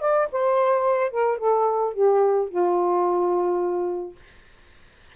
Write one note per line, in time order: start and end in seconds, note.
0.00 0.28 D5
0.32 1.10 C5
1.10 1.38 A#4
1.38 1.93 A4
1.93 2.49 G4
2.49 4.15 F4